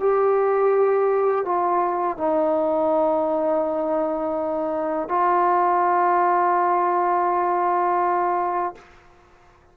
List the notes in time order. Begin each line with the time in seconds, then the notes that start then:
0.00 G4
1.45 F4
2.18 D#4
5.09 F4